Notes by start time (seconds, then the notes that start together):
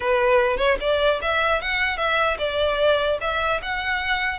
0.00 B4
0.57 C#5
0.80 D5
1.21 E5
1.61 F#5
1.97 E5
2.38 D5
3.20 E5
3.61 F#5